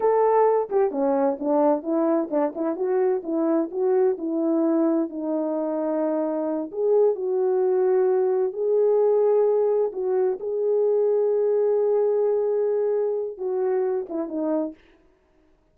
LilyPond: \new Staff \with { instrumentName = "horn" } { \time 4/4 \tempo 4 = 130 a'4. g'8 cis'4 d'4 | e'4 d'8 e'8 fis'4 e'4 | fis'4 e'2 dis'4~ | dis'2~ dis'8 gis'4 fis'8~ |
fis'2~ fis'8 gis'4.~ | gis'4. fis'4 gis'4.~ | gis'1~ | gis'4 fis'4. e'8 dis'4 | }